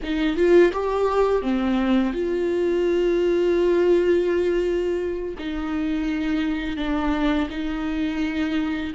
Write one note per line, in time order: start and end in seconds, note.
0.03 0.36 D#4
0.36 0.72 F4
0.72 1.42 G4
1.42 2.13 C4
2.13 5.34 F4
5.38 6.77 D#4
6.77 7.48 D4
7.50 8.93 D#4